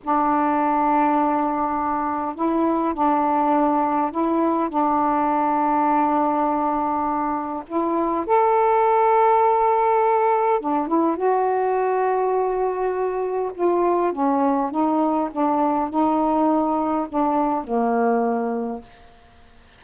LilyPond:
\new Staff \with { instrumentName = "saxophone" } { \time 4/4 \tempo 4 = 102 d'1 | e'4 d'2 e'4 | d'1~ | d'4 e'4 a'2~ |
a'2 d'8 e'8 fis'4~ | fis'2. f'4 | cis'4 dis'4 d'4 dis'4~ | dis'4 d'4 ais2 | }